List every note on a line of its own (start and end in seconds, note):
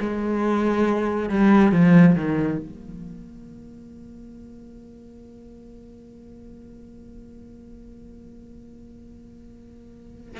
0.00 1.29 G#3
1.29 1.72 G3
1.72 2.15 F3
2.15 2.58 D#3
2.58 10.40 A#3